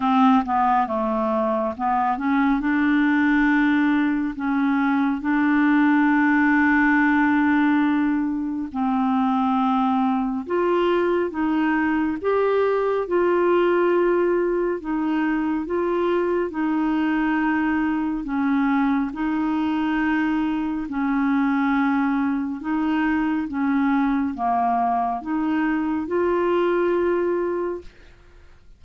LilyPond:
\new Staff \with { instrumentName = "clarinet" } { \time 4/4 \tempo 4 = 69 c'8 b8 a4 b8 cis'8 d'4~ | d'4 cis'4 d'2~ | d'2 c'2 | f'4 dis'4 g'4 f'4~ |
f'4 dis'4 f'4 dis'4~ | dis'4 cis'4 dis'2 | cis'2 dis'4 cis'4 | ais4 dis'4 f'2 | }